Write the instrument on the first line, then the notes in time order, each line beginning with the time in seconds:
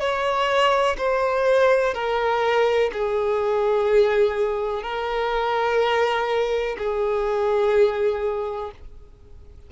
violin
0.00 C#5
0.98 C5
1.94 A#4
2.93 G#4
4.83 A#4
6.78 G#4